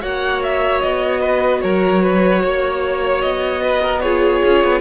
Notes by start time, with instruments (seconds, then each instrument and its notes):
0.00 cello A#3, viola F#4, violin C#5 F#5
0.43 violin E5
0.81 cello B3, violin D#5
1.20 violin B4
1.61 cello F#3, violin A#4 C#5
2.02 violin B4
2.43 cello A#3, violin C#5
3.21 cello B3, violin D#5
3.61 violin B4
3.81 violin A#4
4.00 viola F4, violin G#4 C#5
4.44 cello C#4
4.64 cello B3